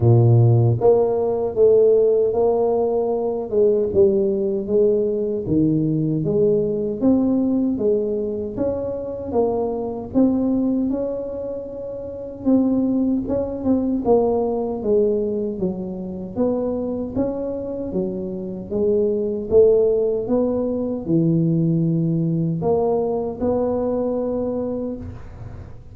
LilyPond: \new Staff \with { instrumentName = "tuba" } { \time 4/4 \tempo 4 = 77 ais,4 ais4 a4 ais4~ | ais8 gis8 g4 gis4 dis4 | gis4 c'4 gis4 cis'4 | ais4 c'4 cis'2 |
c'4 cis'8 c'8 ais4 gis4 | fis4 b4 cis'4 fis4 | gis4 a4 b4 e4~ | e4 ais4 b2 | }